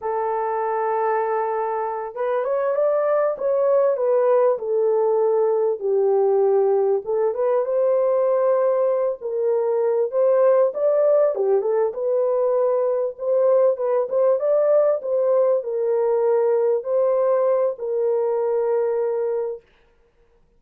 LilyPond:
\new Staff \with { instrumentName = "horn" } { \time 4/4 \tempo 4 = 98 a'2.~ a'8 b'8 | cis''8 d''4 cis''4 b'4 a'8~ | a'4. g'2 a'8 | b'8 c''2~ c''8 ais'4~ |
ais'8 c''4 d''4 g'8 a'8 b'8~ | b'4. c''4 b'8 c''8 d''8~ | d''8 c''4 ais'2 c''8~ | c''4 ais'2. | }